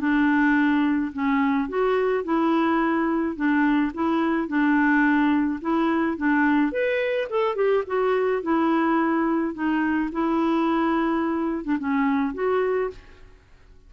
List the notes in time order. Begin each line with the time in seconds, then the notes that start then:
0.00 D4
1.13 C#4
1.69 F#4
2.24 E4
3.36 D4
3.94 E4
4.48 D4
5.61 E4
6.17 D4
6.72 B4
7.30 A4
7.55 G4
7.87 F#4
8.42 E4
9.54 D#4
10.12 E4
11.64 D4
11.79 C#4
12.34 F#4